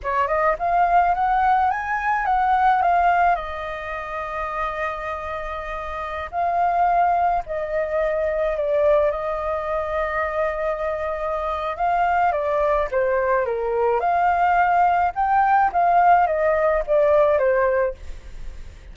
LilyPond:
\new Staff \with { instrumentName = "flute" } { \time 4/4 \tempo 4 = 107 cis''8 dis''8 f''4 fis''4 gis''4 | fis''4 f''4 dis''2~ | dis''2.~ dis''16 f''8.~ | f''4~ f''16 dis''2 d''8.~ |
d''16 dis''2.~ dis''8.~ | dis''4 f''4 d''4 c''4 | ais'4 f''2 g''4 | f''4 dis''4 d''4 c''4 | }